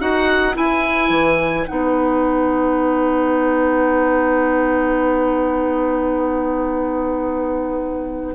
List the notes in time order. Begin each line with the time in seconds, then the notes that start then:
0.00 D#4 F#4 B4 F#5
0.54 E4 G#5
1.10 E3
1.67 B3 D#4 F#5